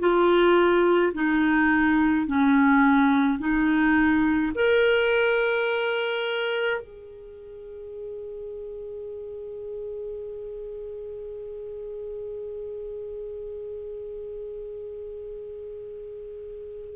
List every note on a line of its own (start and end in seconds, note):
0.00 1.13 F4
1.14 2.27 D#4
2.27 3.40 C#4
3.40 4.53 D#4
4.55 6.81 A#4
6.81 16.97 G#4